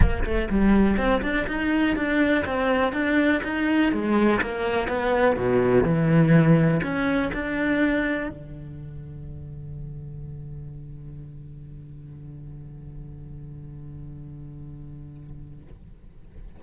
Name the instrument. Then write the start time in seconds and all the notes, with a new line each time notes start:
cello
0.00 A#3
0.24 A3
0.50 G3
0.97 C4
1.22 D4
1.47 D#4
1.95 D4
2.45 C4
2.92 D4
3.43 D#4
3.92 G#3
4.41 A#3
4.88 B3
5.36 B2
5.83 E3
6.82 C#4
7.33 D4
8.29 D3